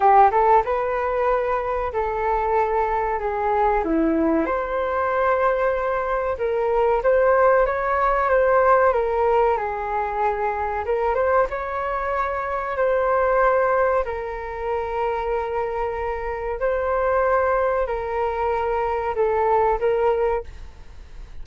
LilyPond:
\new Staff \with { instrumentName = "flute" } { \time 4/4 \tempo 4 = 94 g'8 a'8 b'2 a'4~ | a'4 gis'4 e'4 c''4~ | c''2 ais'4 c''4 | cis''4 c''4 ais'4 gis'4~ |
gis'4 ais'8 c''8 cis''2 | c''2 ais'2~ | ais'2 c''2 | ais'2 a'4 ais'4 | }